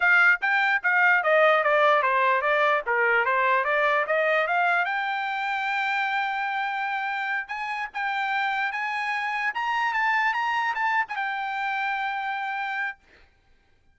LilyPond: \new Staff \with { instrumentName = "trumpet" } { \time 4/4 \tempo 4 = 148 f''4 g''4 f''4 dis''4 | d''4 c''4 d''4 ais'4 | c''4 d''4 dis''4 f''4 | g''1~ |
g''2~ g''8 gis''4 g''8~ | g''4. gis''2 ais''8~ | ais''8 a''4 ais''4 a''8. gis''16 g''8~ | g''1 | }